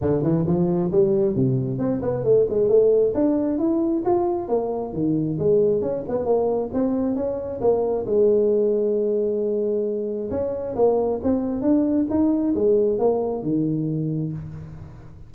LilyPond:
\new Staff \with { instrumentName = "tuba" } { \time 4/4 \tempo 4 = 134 d8 e8 f4 g4 c4 | c'8 b8 a8 gis8 a4 d'4 | e'4 f'4 ais4 dis4 | gis4 cis'8 b8 ais4 c'4 |
cis'4 ais4 gis2~ | gis2. cis'4 | ais4 c'4 d'4 dis'4 | gis4 ais4 dis2 | }